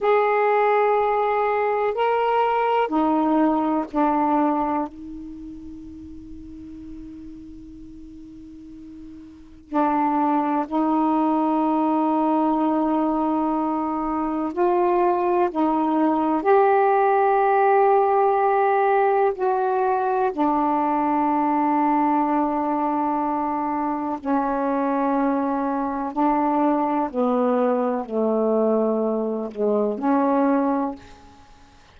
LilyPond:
\new Staff \with { instrumentName = "saxophone" } { \time 4/4 \tempo 4 = 62 gis'2 ais'4 dis'4 | d'4 dis'2.~ | dis'2 d'4 dis'4~ | dis'2. f'4 |
dis'4 g'2. | fis'4 d'2.~ | d'4 cis'2 d'4 | b4 a4. gis8 cis'4 | }